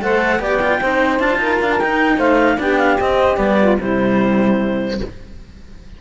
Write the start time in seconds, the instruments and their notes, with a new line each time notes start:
0.00 cello A3 A4, saxophone C5, clarinet F#5
0.38 cello B3 G4, saxophone D5, clarinet G5
0.61 cello F4
0.80 cello C4 D#4, saxophone C5
1.19 cello D4 F4, clarinet A5
1.37 cello D#4, saxophone A#4
1.61 cello D4, clarinet F5
1.71 clarinet A5
1.79 cello D#4, clarinet G5
2.17 cello A3, saxophone C5, clarinet F5
2.57 cello B3 D4, saxophone G4, clarinet G5
2.78 clarinet F5
2.99 cello C4, clarinet D#5
3.36 cello G3 B3, clarinet D5
3.60 saxophone F4
3.80 cello C3 G3, saxophone E4, clarinet C5